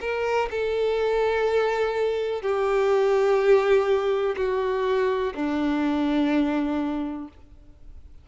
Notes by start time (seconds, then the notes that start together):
0.00 A#4
0.50 A4
2.41 G4
4.36 F#4
5.34 D4